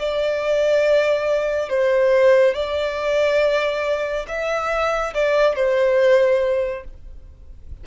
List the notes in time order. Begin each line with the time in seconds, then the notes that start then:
0.00 D5
1.69 C5
2.55 D5
4.29 E5
5.14 D5
5.56 C5